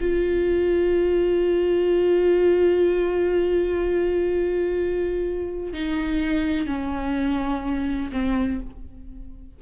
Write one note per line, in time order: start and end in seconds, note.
0.00 5.73 F4
5.73 6.66 D#4
6.66 8.10 C#4
8.12 8.60 C4